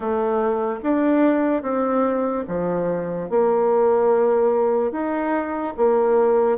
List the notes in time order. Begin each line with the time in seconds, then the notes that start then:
0.00 A3
0.83 D4
1.62 C4
2.47 F3
3.29 A#3
4.91 D#4
5.76 A#3